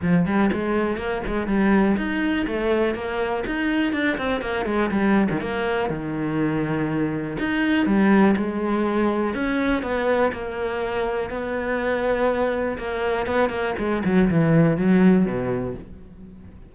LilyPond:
\new Staff \with { instrumentName = "cello" } { \time 4/4 \tempo 4 = 122 f8 g8 gis4 ais8 gis8 g4 | dis'4 a4 ais4 dis'4 | d'8 c'8 ais8 gis8 g8. dis16 ais4 | dis2. dis'4 |
g4 gis2 cis'4 | b4 ais2 b4~ | b2 ais4 b8 ais8 | gis8 fis8 e4 fis4 b,4 | }